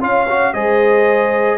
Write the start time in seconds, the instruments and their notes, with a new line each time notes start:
0.00 tuba C#4, trombone F4, horn C#5, trumpet F5
0.29 trombone F#4
0.54 tuba G#3, trombone G#4, horn C5, trumpet D#5